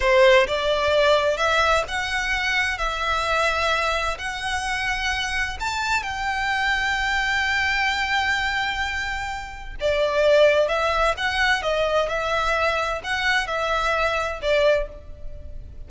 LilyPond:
\new Staff \with { instrumentName = "violin" } { \time 4/4 \tempo 4 = 129 c''4 d''2 e''4 | fis''2 e''2~ | e''4 fis''2. | a''4 g''2.~ |
g''1~ | g''4 d''2 e''4 | fis''4 dis''4 e''2 | fis''4 e''2 d''4 | }